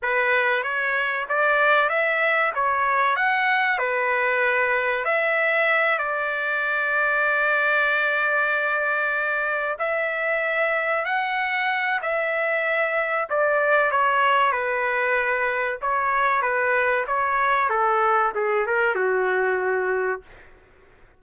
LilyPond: \new Staff \with { instrumentName = "trumpet" } { \time 4/4 \tempo 4 = 95 b'4 cis''4 d''4 e''4 | cis''4 fis''4 b'2 | e''4. d''2~ d''8~ | d''2.~ d''8 e''8~ |
e''4. fis''4. e''4~ | e''4 d''4 cis''4 b'4~ | b'4 cis''4 b'4 cis''4 | a'4 gis'8 ais'8 fis'2 | }